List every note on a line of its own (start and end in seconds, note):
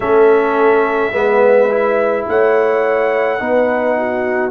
0.00 1.11 A3
0.00 1.12 C#4
0.00 1.13 A4
0.00 2.26 E5
1.12 2.25 G#3
1.12 1.69 B3
1.12 2.27 B4
1.70 3.39 E4
2.28 3.40 A3
2.28 3.40 C#5
2.28 4.51 F#5
3.39 4.51 B3
3.39 4.51 D#4
3.39 3.96 B4
3.97 4.51 F#4